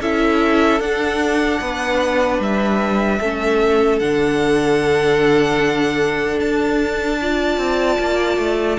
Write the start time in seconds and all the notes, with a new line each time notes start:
0.00 C#4 E4 A4 E5
0.80 D4 F#5
1.61 B3 B4
2.39 G3 E5
3.19 A3 C#4 A4
3.99 D3 D4 F#5
6.39 D4 A5
7.21 F4 D5
7.57 C4
7.99 A#3
8.37 A3